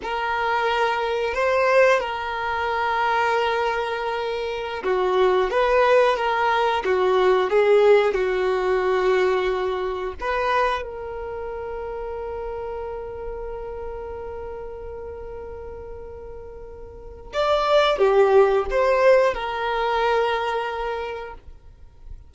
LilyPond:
\new Staff \with { instrumentName = "violin" } { \time 4/4 \tempo 4 = 90 ais'2 c''4 ais'4~ | ais'2.~ ais'16 fis'8.~ | fis'16 b'4 ais'4 fis'4 gis'8.~ | gis'16 fis'2. b'8.~ |
b'16 ais'2.~ ais'8.~ | ais'1~ | ais'2 d''4 g'4 | c''4 ais'2. | }